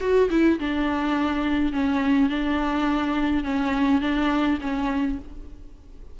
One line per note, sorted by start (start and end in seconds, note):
0.00 0.29 F#4
0.30 0.59 E4
0.59 1.73 D4
1.73 2.29 C#4
2.29 3.44 D4
3.44 4.01 C#4
4.01 4.59 D4
4.61 5.18 C#4